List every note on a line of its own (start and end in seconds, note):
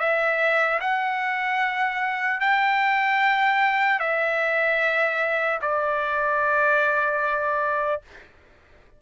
0.00 0.80 E5
0.81 2.41 F#5
2.41 4.00 G5
4.00 5.60 E5
5.62 8.02 D5